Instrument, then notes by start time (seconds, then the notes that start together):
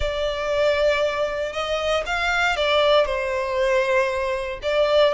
violin
0.00 D5
1.52 D#5
2.06 F5
2.56 D5
3.05 C5
4.62 D5